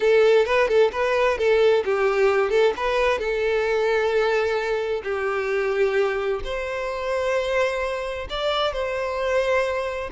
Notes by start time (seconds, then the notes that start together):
0.00 A4
0.45 B4
0.68 A4
0.92 B4
1.37 A4
1.84 G4
2.50 A4
2.76 B4
3.18 A4
5.03 G4
6.44 C5
8.29 D5
8.72 C5